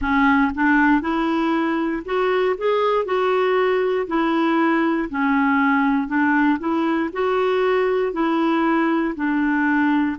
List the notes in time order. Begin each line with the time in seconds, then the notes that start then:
0.01 C#4
0.55 D4
1.01 E4
2.05 F#4
2.57 G#4
3.05 F#4
4.07 E4
5.09 C#4
6.07 D4
6.59 E4
7.12 F#4
8.12 E4
9.15 D4